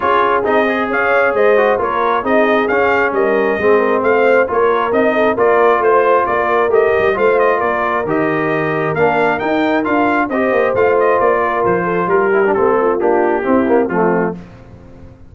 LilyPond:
<<
  \new Staff \with { instrumentName = "trumpet" } { \time 4/4 \tempo 4 = 134 cis''4 dis''4 f''4 dis''4 | cis''4 dis''4 f''4 dis''4~ | dis''4 f''4 cis''4 dis''4 | d''4 c''4 d''4 dis''4 |
f''8 dis''8 d''4 dis''2 | f''4 g''4 f''4 dis''4 | f''8 dis''8 d''4 c''4 ais'4 | a'4 g'2 f'4 | }
  \new Staff \with { instrumentName = "horn" } { \time 4/4 gis'2 cis''4 c''4 | ais'4 gis'2 ais'4 | gis'8 ais'8 c''4 ais'4. a'8 | ais'4 c''4 ais'2 |
c''4 ais'2.~ | ais'2. c''4~ | c''4. ais'4 a'8 g'4~ | g'8 f'4. e'4 c'4 | }
  \new Staff \with { instrumentName = "trombone" } { \time 4/4 f'4 dis'8 gis'2 fis'8 | f'4 dis'4 cis'2 | c'2 f'4 dis'4 | f'2. g'4 |
f'2 g'2 | d'4 dis'4 f'4 g'4 | f'2.~ f'8 e'16 d'16 | c'4 d'4 c'8 ais8 a4 | }
  \new Staff \with { instrumentName = "tuba" } { \time 4/4 cis'4 c'4 cis'4 gis4 | ais4 c'4 cis'4 g4 | gis4 a4 ais4 c'4 | ais4 a4 ais4 a8 g8 |
a4 ais4 dis2 | ais4 dis'4 d'4 c'8 ais8 | a4 ais4 f4 g4 | a4 ais4 c'4 f4 | }
>>